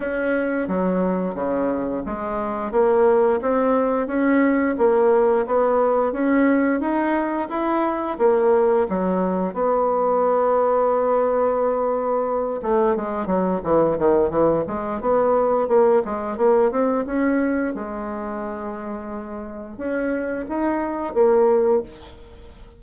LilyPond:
\new Staff \with { instrumentName = "bassoon" } { \time 4/4 \tempo 4 = 88 cis'4 fis4 cis4 gis4 | ais4 c'4 cis'4 ais4 | b4 cis'4 dis'4 e'4 | ais4 fis4 b2~ |
b2~ b8 a8 gis8 fis8 | e8 dis8 e8 gis8 b4 ais8 gis8 | ais8 c'8 cis'4 gis2~ | gis4 cis'4 dis'4 ais4 | }